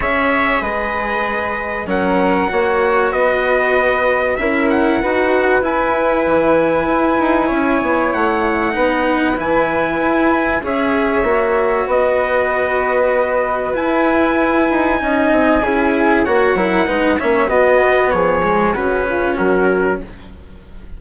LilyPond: <<
  \new Staff \with { instrumentName = "trumpet" } { \time 4/4 \tempo 4 = 96 e''4 dis''2 fis''4~ | fis''4 dis''2 e''8 fis''8~ | fis''4 gis''2.~ | gis''4 fis''2 gis''4~ |
gis''4 e''2 dis''4~ | dis''2 gis''2~ | gis''2 fis''4. e''8 | dis''4 cis''4 b'4 ais'4 | }
  \new Staff \with { instrumentName = "flute" } { \time 4/4 cis''4 b'2 ais'4 | cis''4 b'2 ais'4 | b'1 | cis''2 b'2~ |
b'4 cis''2 b'4~ | b'1 | dis''4 gis'4 cis''8 ais'8 b'8 cis''8 | fis'4 gis'4 fis'8 f'8 fis'4 | }
  \new Staff \with { instrumentName = "cello" } { \time 4/4 gis'2. cis'4 | fis'2. e'4 | fis'4 e'2.~ | e'2 dis'4 e'4~ |
e'4 gis'4 fis'2~ | fis'2 e'2 | dis'4 e'4 fis'8 e'8 dis'8 cis'8 | b4. gis8 cis'2 | }
  \new Staff \with { instrumentName = "bassoon" } { \time 4/4 cis'4 gis2 fis4 | ais4 b2 cis'4 | dis'4 e'4 e4 e'8 dis'8 | cis'8 b8 a4 b4 e4 |
e'4 cis'4 ais4 b4~ | b2 e'4. dis'8 | cis'8 c'8 cis'4 ais8 fis8 gis8 ais8 | b4 f4 cis4 fis4 | }
>>